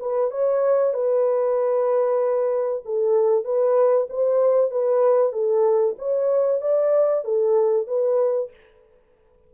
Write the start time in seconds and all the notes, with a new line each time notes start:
0.00 B4
0.31 C#5
0.94 B4
2.85 A4
3.44 B4
4.10 C5
4.71 B4
5.33 A4
5.99 C#5
6.61 D5
7.25 A4
7.87 B4